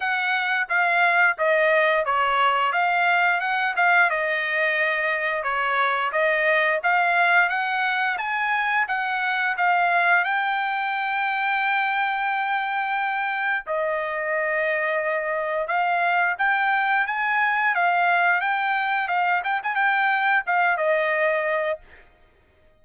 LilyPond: \new Staff \with { instrumentName = "trumpet" } { \time 4/4 \tempo 4 = 88 fis''4 f''4 dis''4 cis''4 | f''4 fis''8 f''8 dis''2 | cis''4 dis''4 f''4 fis''4 | gis''4 fis''4 f''4 g''4~ |
g''1 | dis''2. f''4 | g''4 gis''4 f''4 g''4 | f''8 g''16 gis''16 g''4 f''8 dis''4. | }